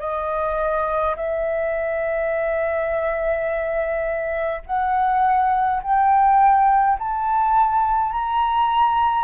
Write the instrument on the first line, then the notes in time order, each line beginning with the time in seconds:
flute
0.00 D#5
1.16 E5
4.66 F#5
5.83 G5
6.99 A5
8.12 A#5